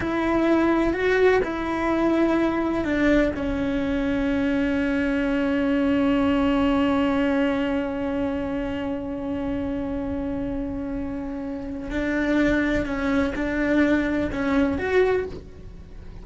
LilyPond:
\new Staff \with { instrumentName = "cello" } { \time 4/4 \tempo 4 = 126 e'2 fis'4 e'4~ | e'2 d'4 cis'4~ | cis'1~ | cis'1~ |
cis'1~ | cis'1~ | cis'4 d'2 cis'4 | d'2 cis'4 fis'4 | }